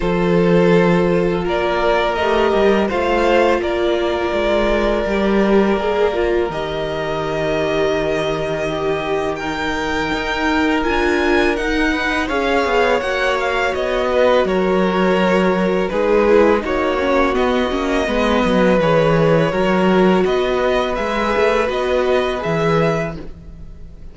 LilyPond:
<<
  \new Staff \with { instrumentName = "violin" } { \time 4/4 \tempo 4 = 83 c''2 d''4 dis''4 | f''4 d''2.~ | d''4 dis''2.~ | dis''4 g''2 gis''4 |
fis''4 f''4 fis''8 f''8 dis''4 | cis''2 b'4 cis''4 | dis''2 cis''2 | dis''4 e''4 dis''4 e''4 | }
  \new Staff \with { instrumentName = "violin" } { \time 4/4 a'2 ais'2 | c''4 ais'2.~ | ais'1 | g'4 ais'2.~ |
ais'8 b'8 cis''2~ cis''8 b'8 | ais'2 gis'4 fis'4~ | fis'4 b'2 ais'4 | b'1 | }
  \new Staff \with { instrumentName = "viola" } { \time 4/4 f'2. g'4 | f'2. g'4 | gis'8 f'8 g'2.~ | g'4 dis'2 f'4 |
dis'4 gis'4 fis'2~ | fis'2 dis'8 e'8 dis'8 cis'8 | b8 cis'8 b4 gis'4 fis'4~ | fis'4 gis'4 fis'4 gis'4 | }
  \new Staff \with { instrumentName = "cello" } { \time 4/4 f2 ais4 a8 g8 | a4 ais4 gis4 g4 | ais4 dis2.~ | dis2 dis'4 d'4 |
dis'4 cis'8 b8 ais4 b4 | fis2 gis4 ais4 | b8 ais8 gis8 fis8 e4 fis4 | b4 gis8 a8 b4 e4 | }
>>